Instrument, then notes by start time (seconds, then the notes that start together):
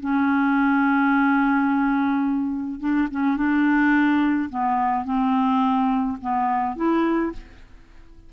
clarinet
0.00 C#4
2.80 D4
3.11 C#4
3.36 D4
4.49 B3
5.05 C4
6.21 B3
6.76 E4